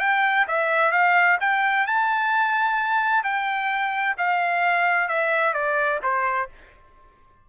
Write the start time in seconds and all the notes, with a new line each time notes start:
0.00 G5
0.48 E5
0.92 F5
1.41 G5
1.87 A5
3.24 G5
4.18 F5
5.09 E5
5.54 D5
6.03 C5